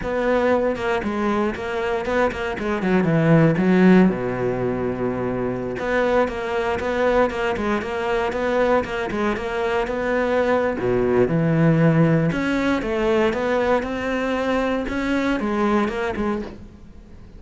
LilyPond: \new Staff \with { instrumentName = "cello" } { \time 4/4 \tempo 4 = 117 b4. ais8 gis4 ais4 | b8 ais8 gis8 fis8 e4 fis4 | b,2.~ b,16 b8.~ | b16 ais4 b4 ais8 gis8 ais8.~ |
ais16 b4 ais8 gis8 ais4 b8.~ | b4 b,4 e2 | cis'4 a4 b4 c'4~ | c'4 cis'4 gis4 ais8 gis8 | }